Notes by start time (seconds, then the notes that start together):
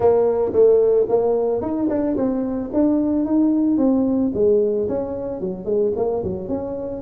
0.00 A#3
0.53 A3
1.08 A#3
1.61 D#4
1.89 D4
2.16 C4
2.73 D4
3.25 D#4
3.77 C4
4.34 G#3
4.88 C#4
5.40 F#3
5.65 G#3
5.96 A#3
6.23 F#3
6.48 C#4